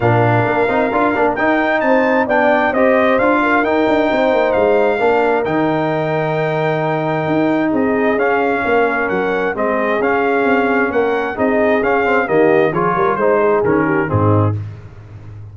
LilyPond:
<<
  \new Staff \with { instrumentName = "trumpet" } { \time 4/4 \tempo 4 = 132 f''2. g''4 | a''4 g''4 dis''4 f''4 | g''2 f''2 | g''1~ |
g''4 dis''4 f''2 | fis''4 dis''4 f''2 | fis''4 dis''4 f''4 dis''4 | cis''4 c''4 ais'4 gis'4 | }
  \new Staff \with { instrumentName = "horn" } { \time 4/4 ais'1 | c''4 d''4 c''4. ais'8~ | ais'4 c''2 ais'4~ | ais'1~ |
ais'4 gis'2 ais'4~ | ais'4 gis'2. | ais'4 gis'2 g'4 | gis'8 ais'8 c''8 gis'4 g'8 dis'4 | }
  \new Staff \with { instrumentName = "trombone" } { \time 4/4 d'4. dis'8 f'8 d'8 dis'4~ | dis'4 d'4 g'4 f'4 | dis'2. d'4 | dis'1~ |
dis'2 cis'2~ | cis'4 c'4 cis'2~ | cis'4 dis'4 cis'8 c'8 ais4 | f'4 dis'4 cis'4 c'4 | }
  \new Staff \with { instrumentName = "tuba" } { \time 4/4 ais,4 ais8 c'8 d'8 ais8 dis'4 | c'4 b4 c'4 d'4 | dis'8 d'8 c'8 ais8 gis4 ais4 | dis1 |
dis'4 c'4 cis'4 ais4 | fis4 gis4 cis'4 c'4 | ais4 c'4 cis'4 dis4 | f8 g8 gis4 dis4 gis,4 | }
>>